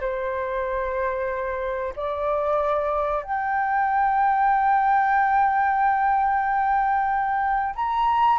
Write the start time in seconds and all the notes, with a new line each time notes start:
0.00 C5
1.96 D5
3.23 G5
7.75 A#5